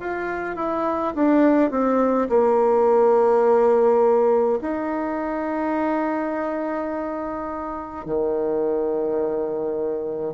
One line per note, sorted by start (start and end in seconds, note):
0.00 0.56 F4
0.56 1.13 E4
1.15 1.70 D4
1.70 2.28 C4
2.29 4.59 A#3
4.61 8.06 D#4
8.06 10.33 D#3